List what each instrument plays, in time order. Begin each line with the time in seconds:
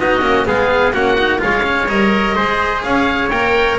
0.00 double bass B3, cello D#4, trumpet F#4, oboe D#5
0.22 double bass A#3, cello C#4
0.46 double bass G#3, cello B3, trumpet G#4, oboe F5
0.93 double bass A#3, cello C#4, trumpet F#4, oboe F#5
1.19 cello D#4
1.39 double bass G#3, cello F4, trumpet C#5, oboe F5
1.64 cello C#4
1.89 double bass G3, cello A#4, oboe D#5
2.36 double bass G#3, cello G#4, trumpet C5
2.83 double bass C#4, trumpet C#5, oboe F5
3.30 double bass A#3, cello A#4, oboe G5